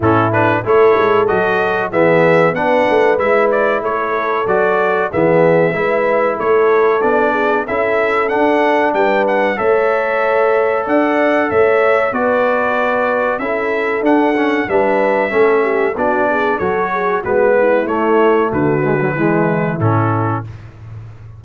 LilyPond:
<<
  \new Staff \with { instrumentName = "trumpet" } { \time 4/4 \tempo 4 = 94 a'8 b'8 cis''4 dis''4 e''4 | fis''4 e''8 d''8 cis''4 d''4 | e''2 cis''4 d''4 | e''4 fis''4 g''8 fis''8 e''4~ |
e''4 fis''4 e''4 d''4~ | d''4 e''4 fis''4 e''4~ | e''4 d''4 cis''4 b'4 | cis''4 b'2 a'4 | }
  \new Staff \with { instrumentName = "horn" } { \time 4/4 e'4 a'2 gis'4 | b'2 a'2 | gis'4 b'4 a'4. gis'8 | a'2 b'4 cis''4~ |
cis''4 d''4 cis''4 b'4~ | b'4 a'2 b'4 | a'8 g'8 fis'8 gis'8 a'8 gis'8 fis'8 e'8~ | e'4 fis'4 e'2 | }
  \new Staff \with { instrumentName = "trombone" } { \time 4/4 cis'8 d'8 e'4 fis'4 b4 | d'4 e'2 fis'4 | b4 e'2 d'4 | e'4 d'2 a'4~ |
a'2. fis'4~ | fis'4 e'4 d'8 cis'8 d'4 | cis'4 d'4 fis'4 b4 | a4. gis16 fis16 gis4 cis'4 | }
  \new Staff \with { instrumentName = "tuba" } { \time 4/4 a,4 a8 gis8 fis4 e4 | b8 a8 gis4 a4 fis4 | e4 gis4 a4 b4 | cis'4 d'4 g4 a4~ |
a4 d'4 a4 b4~ | b4 cis'4 d'4 g4 | a4 b4 fis4 gis4 | a4 d4 e4 a,4 | }
>>